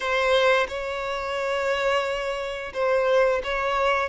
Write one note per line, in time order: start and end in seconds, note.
0.00 0.66 C5
0.68 2.72 C#5
2.73 3.41 C5
3.43 4.09 C#5